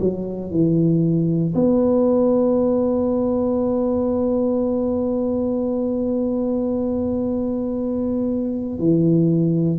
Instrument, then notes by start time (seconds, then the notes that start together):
tuba
0.00 F#3
0.51 E3
1.55 B3
8.79 E3